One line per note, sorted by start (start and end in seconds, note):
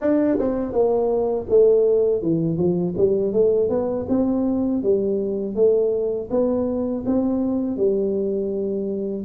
0.01 0.38 D4
0.38 0.72 C4
0.72 1.46 A#3
1.48 2.22 A3
2.22 2.57 E3
2.57 2.94 F3
2.97 3.32 G3
3.32 3.69 A3
3.69 4.06 B3
4.08 4.82 C4
4.82 5.55 G3
5.55 6.29 A3
6.30 7.04 B3
7.06 7.76 C4
7.76 9.25 G3